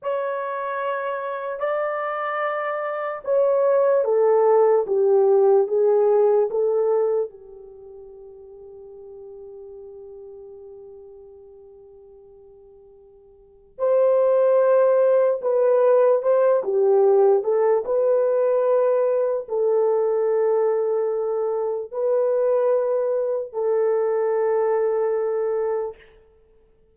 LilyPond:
\new Staff \with { instrumentName = "horn" } { \time 4/4 \tempo 4 = 74 cis''2 d''2 | cis''4 a'4 g'4 gis'4 | a'4 g'2.~ | g'1~ |
g'4 c''2 b'4 | c''8 g'4 a'8 b'2 | a'2. b'4~ | b'4 a'2. | }